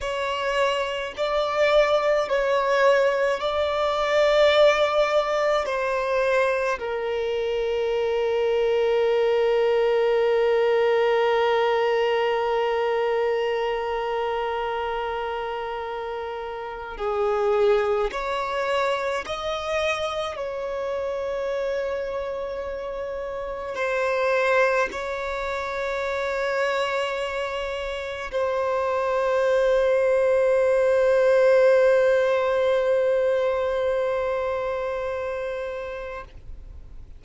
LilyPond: \new Staff \with { instrumentName = "violin" } { \time 4/4 \tempo 4 = 53 cis''4 d''4 cis''4 d''4~ | d''4 c''4 ais'2~ | ais'1~ | ais'2. gis'4 |
cis''4 dis''4 cis''2~ | cis''4 c''4 cis''2~ | cis''4 c''2.~ | c''1 | }